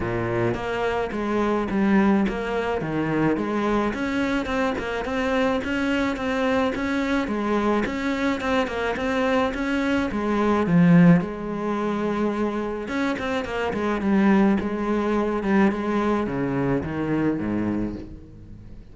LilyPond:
\new Staff \with { instrumentName = "cello" } { \time 4/4 \tempo 4 = 107 ais,4 ais4 gis4 g4 | ais4 dis4 gis4 cis'4 | c'8 ais8 c'4 cis'4 c'4 | cis'4 gis4 cis'4 c'8 ais8 |
c'4 cis'4 gis4 f4 | gis2. cis'8 c'8 | ais8 gis8 g4 gis4. g8 | gis4 cis4 dis4 gis,4 | }